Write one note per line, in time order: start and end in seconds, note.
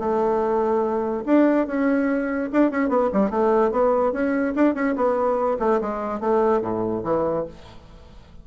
0.00 1.24 A3
1.26 1.67 D4
1.67 2.50 C#4
2.53 2.71 D4
2.71 2.89 C#4
2.89 3.10 B3
3.13 3.31 G3
3.31 3.72 A3
3.72 4.13 B3
4.13 4.55 C#4
4.56 4.75 D4
4.75 4.96 C#4
4.96 5.58 B3
5.60 5.81 A3
5.81 6.21 G#3
6.21 6.62 A3
6.62 7.03 A2
7.04 7.46 E3